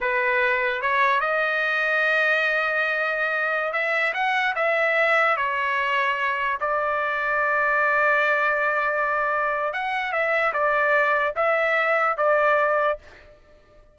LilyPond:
\new Staff \with { instrumentName = "trumpet" } { \time 4/4 \tempo 4 = 148 b'2 cis''4 dis''4~ | dis''1~ | dis''4~ dis''16 e''4 fis''4 e''8.~ | e''4~ e''16 cis''2~ cis''8.~ |
cis''16 d''2.~ d''8.~ | d''1 | fis''4 e''4 d''2 | e''2 d''2 | }